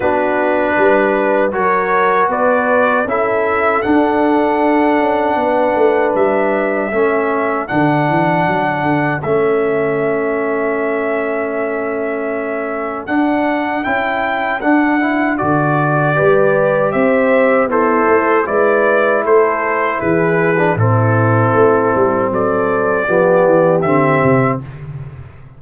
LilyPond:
<<
  \new Staff \with { instrumentName = "trumpet" } { \time 4/4 \tempo 4 = 78 b'2 cis''4 d''4 | e''4 fis''2. | e''2 fis''2 | e''1~ |
e''4 fis''4 g''4 fis''4 | d''2 e''4 c''4 | d''4 c''4 b'4 a'4~ | a'4 d''2 e''4 | }
  \new Staff \with { instrumentName = "horn" } { \time 4/4 fis'4 b'4 ais'4 b'4 | a'2. b'4~ | b'4 a'2.~ | a'1~ |
a'1~ | a'4 b'4 c''4 e'4 | b'4 a'4 gis'4 e'4~ | e'4 a'4 g'2 | }
  \new Staff \with { instrumentName = "trombone" } { \time 4/4 d'2 fis'2 | e'4 d'2.~ | d'4 cis'4 d'2 | cis'1~ |
cis'4 d'4 e'4 d'8 e'8 | fis'4 g'2 a'4 | e'2~ e'8. d'16 c'4~ | c'2 b4 c'4 | }
  \new Staff \with { instrumentName = "tuba" } { \time 4/4 b4 g4 fis4 b4 | cis'4 d'4. cis'8 b8 a8 | g4 a4 d8 e8 fis8 d8 | a1~ |
a4 d'4 cis'4 d'4 | d4 g4 c'4 b8 a8 | gis4 a4 e4 a,4 | a8 g8 fis4 f8 e8 d8 c8 | }
>>